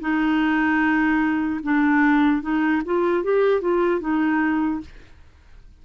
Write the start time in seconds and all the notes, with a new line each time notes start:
0.00 D#4
1.63 D4
2.42 D#4
2.85 F4
3.24 G4
3.61 F4
4.00 D#4